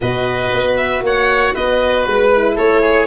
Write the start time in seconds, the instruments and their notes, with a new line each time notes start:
0.01 tuba B2, horn F#4, oboe B4, violin D#5
0.53 tuba B3
0.76 violin E5
1.01 tuba A#3, oboe C#5, violin F#5
1.54 tuba B3, oboe B4, violin D#5
2.04 tuba G#3, violin B4
2.32 horn E4
2.55 tuba A3, oboe A4, violin C#5
2.81 oboe G#4